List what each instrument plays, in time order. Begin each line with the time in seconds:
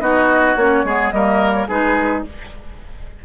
0.00 bassoon B3, clarinet D#4, oboe F#4, flute D#5
0.56 bassoon A#3, clarinet C#4, flute C#5
0.84 bassoon G#3, clarinet B3, oboe G#4
1.10 bassoon G3, clarinet A#3, oboe A#4, flute D#5
1.52 flute C#5
1.68 bassoon G#3, clarinet D#4, oboe G#4, flute B4